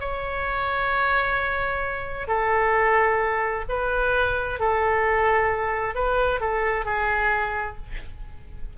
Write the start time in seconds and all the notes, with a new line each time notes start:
0.00 C#5
2.27 A4
3.69 B4
4.59 A4
5.94 B4
6.40 A4
6.85 G#4